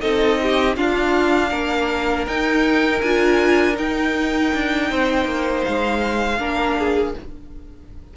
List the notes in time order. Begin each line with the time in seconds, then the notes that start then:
0.00 C4 D#4 A4 D#5
0.42 G4
0.76 D4 F4 F5
1.50 A#3 A#4
2.27 D#4 G5
3.01 D4 F4 G#5
3.74 D#4 G5
4.53 D4
4.89 C4 C5
5.25 A#3
5.64 G#3 F5
6.39 A#3 D4 A#4
6.79 G#4